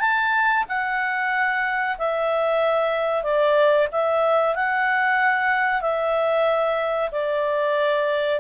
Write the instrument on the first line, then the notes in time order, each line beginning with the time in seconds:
clarinet
0.00 A5
0.69 F#5
1.98 E5
3.23 D5
3.92 E5
4.55 F#5
5.81 E5
7.12 D5